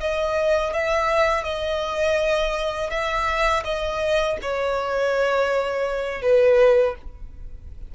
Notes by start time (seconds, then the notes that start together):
0.00 D#5
0.73 E5
1.44 D#5
2.90 E5
3.64 D#5
4.41 C#5
6.21 B4